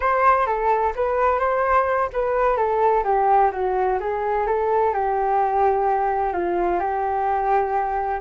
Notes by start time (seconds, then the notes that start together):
0.00 C5
0.46 A4
0.95 B4
1.39 C5
2.13 B4
2.56 A4
3.03 G4
3.51 F#4
4.00 G#4
4.46 A4
4.93 G4
6.33 F4
6.79 G4